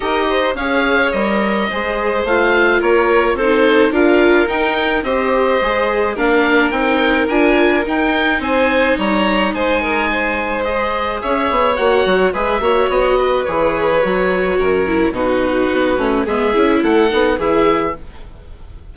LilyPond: <<
  \new Staff \with { instrumentName = "oboe" } { \time 4/4 \tempo 4 = 107 dis''4 f''4 dis''2 | f''4 cis''4 c''4 f''4 | g''4 dis''2 f''4 | g''4 gis''4 g''4 gis''4 |
ais''4 gis''2 dis''4 | e''4 fis''4 e''4 dis''4 | cis''2. b'4~ | b'4 e''4 fis''4 e''4 | }
  \new Staff \with { instrumentName = "violin" } { \time 4/4 ais'8 c''8 cis''2 c''4~ | c''4 ais'4 a'4 ais'4~ | ais'4 c''2 ais'4~ | ais'2. c''4 |
cis''4 c''8 ais'8 c''2 | cis''2 b'8 cis''4 b'8~ | b'2 ais'4 fis'4~ | fis'4 gis'4 a'4 gis'4 | }
  \new Staff \with { instrumentName = "viola" } { \time 4/4 g'4 gis'4 ais'4 gis'4 | f'2 dis'4 f'4 | dis'4 g'4 gis'4 d'4 | dis'4 f'4 dis'2~ |
dis'2. gis'4~ | gis'4 fis'4 gis'8 fis'4. | gis'4 fis'4. e'8 dis'4~ | dis'8 cis'8 b8 e'4 dis'8 e'4 | }
  \new Staff \with { instrumentName = "bassoon" } { \time 4/4 dis'4 cis'4 g4 gis4 | a4 ais4 c'4 d'4 | dis'4 c'4 gis4 ais4 | c'4 d'4 dis'4 c'4 |
g4 gis2. | cis'8 b8 ais8 fis8 gis8 ais8 b4 | e4 fis4 fis,4 b,4 | b8 a8 gis8 cis'8 a8 b8 e4 | }
>>